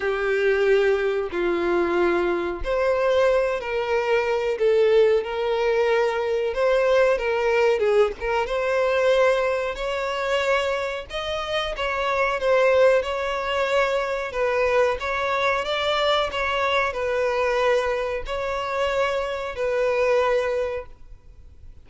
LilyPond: \new Staff \with { instrumentName = "violin" } { \time 4/4 \tempo 4 = 92 g'2 f'2 | c''4. ais'4. a'4 | ais'2 c''4 ais'4 | gis'8 ais'8 c''2 cis''4~ |
cis''4 dis''4 cis''4 c''4 | cis''2 b'4 cis''4 | d''4 cis''4 b'2 | cis''2 b'2 | }